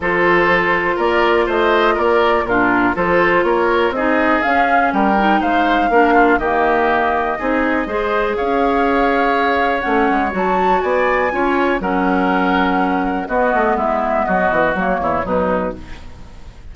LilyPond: <<
  \new Staff \with { instrumentName = "flute" } { \time 4/4 \tempo 4 = 122 c''2 d''4 dis''4 | d''4 ais'4 c''4 cis''4 | dis''4 f''4 g''4 f''4~ | f''4 dis''2.~ |
dis''4 f''2. | fis''4 a''4 gis''2 | fis''2. dis''4 | e''4 dis''4 cis''4 b'4 | }
  \new Staff \with { instrumentName = "oboe" } { \time 4/4 a'2 ais'4 c''4 | ais'4 f'4 a'4 ais'4 | gis'2 ais'4 c''4 | ais'8 f'8 g'2 gis'4 |
c''4 cis''2.~ | cis''2 d''4 cis''4 | ais'2. fis'4 | e'4 fis'4. e'8 dis'4 | }
  \new Staff \with { instrumentName = "clarinet" } { \time 4/4 f'1~ | f'4 d'4 f'2 | dis'4 cis'4. dis'4. | d'4 ais2 dis'4 |
gis'1 | cis'4 fis'2 f'4 | cis'2. b4~ | b2 ais4 fis4 | }
  \new Staff \with { instrumentName = "bassoon" } { \time 4/4 f2 ais4 a4 | ais4 ais,4 f4 ais4 | c'4 cis'4 g4 gis4 | ais4 dis2 c'4 |
gis4 cis'2. | a8 gis8 fis4 b4 cis'4 | fis2. b8 a8 | gis4 fis8 e8 fis8 e,8 b,4 | }
>>